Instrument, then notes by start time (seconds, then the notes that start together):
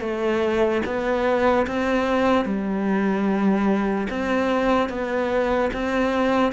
cello
0.00 A3
0.85 B3
1.66 C4
2.45 G3
4.09 C4
4.89 B3
5.73 C4